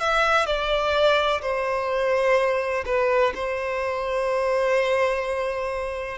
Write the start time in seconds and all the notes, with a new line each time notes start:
0.00 E5
0.46 D5
1.42 C5
2.85 B4
3.35 C5